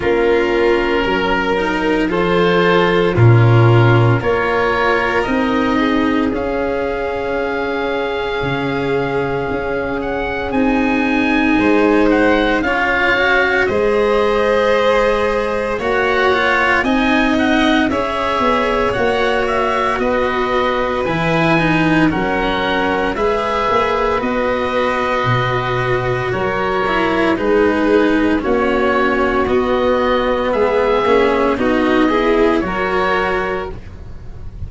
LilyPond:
<<
  \new Staff \with { instrumentName = "oboe" } { \time 4/4 \tempo 4 = 57 ais'2 c''4 ais'4 | cis''4 dis''4 f''2~ | f''4. fis''8 gis''4. fis''8 | f''4 dis''2 fis''4 |
gis''8 fis''8 e''4 fis''8 e''8 dis''4 | gis''4 fis''4 e''4 dis''4~ | dis''4 cis''4 b'4 cis''4 | dis''4 e''4 dis''4 cis''4 | }
  \new Staff \with { instrumentName = "violin" } { \time 4/4 f'4 ais'4 a'4 f'4 | ais'4. gis'2~ gis'8~ | gis'2. c''4 | cis''4 c''2 cis''4 |
dis''4 cis''2 b'4~ | b'4 ais'4 b'2~ | b'4 ais'4 gis'4 fis'4~ | fis'4 gis'4 fis'8 gis'8 ais'4 | }
  \new Staff \with { instrumentName = "cello" } { \time 4/4 cis'4. dis'8 f'4 cis'4 | f'4 dis'4 cis'2~ | cis'2 dis'2 | f'8 fis'8 gis'2 fis'8 f'8 |
dis'4 gis'4 fis'2 | e'8 dis'8 cis'4 gis'4 fis'4~ | fis'4. e'8 dis'4 cis'4 | b4. cis'8 dis'8 e'8 fis'4 | }
  \new Staff \with { instrumentName = "tuba" } { \time 4/4 ais4 fis4 f4 ais,4 | ais4 c'4 cis'2 | cis4 cis'4 c'4 gis4 | cis'4 gis2 ais4 |
c'4 cis'8 b8 ais4 b4 | e4 fis4 gis8 ais8 b4 | b,4 fis4 gis4 ais4 | b4 gis8 ais8 b4 fis4 | }
>>